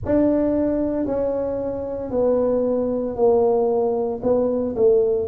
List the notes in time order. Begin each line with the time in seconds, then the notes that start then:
0.05 D4
1.05 C#4
2.11 B3
3.16 A#3
4.22 B3
4.76 A3